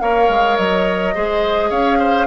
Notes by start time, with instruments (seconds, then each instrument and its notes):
0.00 bassoon A#3, clarinet A#4, oboe C#5, flute F5
0.28 bassoon G#3
0.56 bassoon F#3, flute D#5
1.14 bassoon G#3, clarinet G#4, oboe C5
1.69 bassoon C#4, oboe C#5, flute F5
1.99 oboe C5